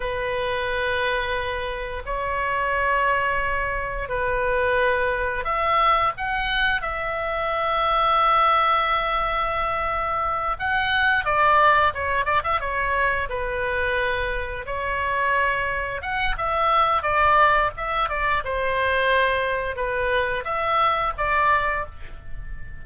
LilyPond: \new Staff \with { instrumentName = "oboe" } { \time 4/4 \tempo 4 = 88 b'2. cis''4~ | cis''2 b'2 | e''4 fis''4 e''2~ | e''2.~ e''8 fis''8~ |
fis''8 d''4 cis''8 d''16 e''16 cis''4 b'8~ | b'4. cis''2 fis''8 | e''4 d''4 e''8 d''8 c''4~ | c''4 b'4 e''4 d''4 | }